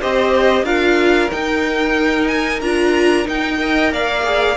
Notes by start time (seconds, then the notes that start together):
0.00 C4 G4 C5 D#5
0.63 D4 F4 A#4 F5
1.30 D#4 G5
2.27 G#5
2.61 D4 F4 A#5
3.25 D#4 G5
3.57 A#4 D#5
3.92 A#3 D5 F5
4.24 G#4